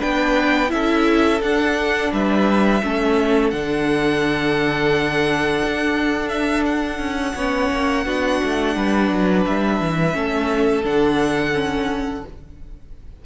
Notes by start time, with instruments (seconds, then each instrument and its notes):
0.00 cello B3, viola D4, violin B4 G5
0.69 cello C#4, viola E4, violin A4 E5
1.42 cello D4, viola D4, violin F#5
2.12 cello G3, violin B4 E5
2.83 cello A3, viola C#4, violin A4
3.51 cello D3, viola D4, violin F#5
5.65 cello D4
6.29 violin E5
6.66 violin F#5
6.99 cello C#4
7.36 cello B3, viola C#4, violin C#5
7.71 cello A#3
8.06 cello B3, viola D4, violin F#4
8.44 cello A3
8.76 cello G3, violin B4
9.11 cello F#3
9.46 cello G3, violin E5
9.81 cello E3
10.13 cello A3, viola C#4, violin A4
10.84 cello D3, viola D4, violin F#5
11.53 viola C#4